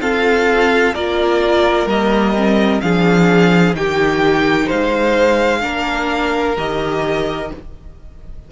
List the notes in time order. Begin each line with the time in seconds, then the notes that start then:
0.00 C4 F4 A4 F5
0.95 A#3 F4 A#4 D5
1.86 G3 A#3 D#5
2.36 C4
2.81 F3 D4 G#4 F5
3.74 D#3 D#4 G4 G5
4.66 C5 F5
4.72 G#3
5.61 A#3 D4 A#4
6.57 D#3 G4 D#5